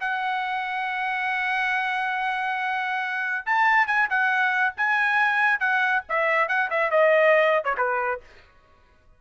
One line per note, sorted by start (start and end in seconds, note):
0.00 3.45 F#5
3.46 3.87 A5
3.87 4.08 G#5
4.09 4.74 F#5
4.77 5.60 G#5
5.60 6.03 F#5
6.09 6.48 E5
6.48 6.70 F#5
6.70 6.91 E5
6.91 7.64 D#5
7.64 7.75 C#5
7.77 8.20 B4